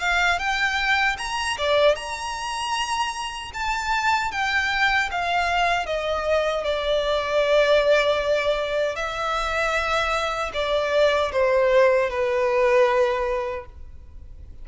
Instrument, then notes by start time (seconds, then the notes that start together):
violin
0.00 F5
0.39 G5
1.18 A#5
1.58 D5
1.96 A#5
3.53 A5
4.31 G5
5.11 F5
5.86 D#5
6.64 D5
8.95 E5
10.53 D5
11.32 C5
12.10 B4